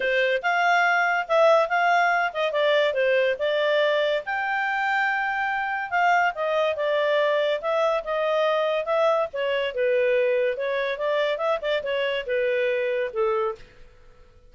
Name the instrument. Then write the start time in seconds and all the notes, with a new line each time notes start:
clarinet
0.00 C5
0.42 F5
1.28 E5
1.68 F5
2.33 D#5
2.52 D5
2.93 C5
3.38 D5
4.25 G5
5.90 F5
6.35 D#5
6.76 D5
7.61 E5
8.04 D#5
8.85 E5
9.33 C#5
9.74 B4
10.57 C#5
10.97 D5
11.37 E5
11.61 D5
11.83 C#5
12.26 B4
13.13 A4